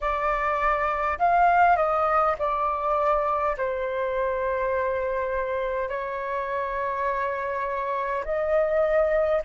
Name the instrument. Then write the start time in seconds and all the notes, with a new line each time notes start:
flute
0.01 D5
1.18 F5
1.76 D#5
2.39 D5
3.57 C5
5.88 C#5
8.24 D#5